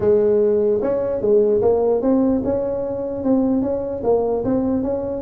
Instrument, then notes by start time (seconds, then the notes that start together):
tuba
0.00 G#3
0.81 C#4
1.21 G#3
1.61 A#3
2.01 C4
2.44 C#4
3.23 C4
3.61 C#4
4.03 A#3
4.44 C4
4.82 C#4